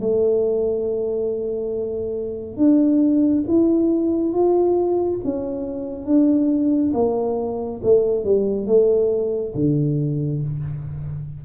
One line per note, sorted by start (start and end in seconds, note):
0.00 2.57 A3
2.57 3.44 D4
3.47 4.33 E4
4.33 5.20 F4
5.24 6.06 C#4
6.06 6.92 D4
6.94 7.81 A#3
7.83 8.25 A3
8.25 8.67 G3
8.67 9.54 A3
9.55 10.42 D3